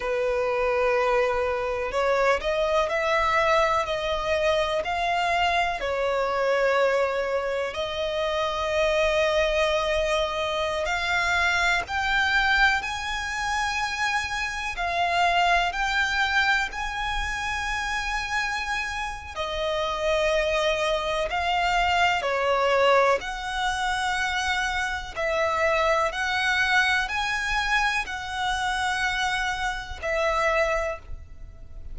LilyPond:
\new Staff \with { instrumentName = "violin" } { \time 4/4 \tempo 4 = 62 b'2 cis''8 dis''8 e''4 | dis''4 f''4 cis''2 | dis''2.~ dis''16 f''8.~ | f''16 g''4 gis''2 f''8.~ |
f''16 g''4 gis''2~ gis''8. | dis''2 f''4 cis''4 | fis''2 e''4 fis''4 | gis''4 fis''2 e''4 | }